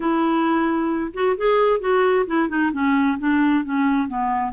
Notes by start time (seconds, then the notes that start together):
0.00 E4
1.13 F#4
1.37 G#4
1.80 F#4
2.26 E4
2.48 D#4
2.72 C#4
3.18 D4
3.64 C#4
4.08 B3